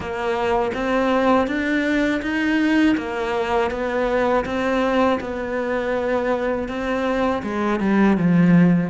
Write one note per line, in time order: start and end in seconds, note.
0.00 0.71 A#3
0.74 1.46 C4
1.46 2.21 D4
2.22 2.96 D#4
2.97 3.70 A#3
3.70 4.44 B3
4.45 5.19 C4
5.20 6.68 B3
6.68 7.42 C4
7.42 7.79 G#3
7.80 8.17 G3
8.17 8.89 F3